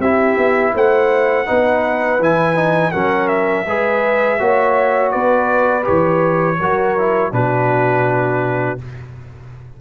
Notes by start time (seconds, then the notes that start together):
0.00 C4 E4 G4 E5
0.37 B3
0.75 A3 C5 F#5
1.46 B3 D#4 B4
2.20 E3 E4 G#5
2.56 D#4
2.92 F#3 C#4 A#4 F#5
3.28 E5
3.66 G#3 G#4 B4
4.39 A#3 F#4 C#5
5.12 B3 B4 D5
5.83 E3 G4 C#5
6.59 F#3 F#4 A#4
6.98 E4
7.33 B2 D4 F#4 B4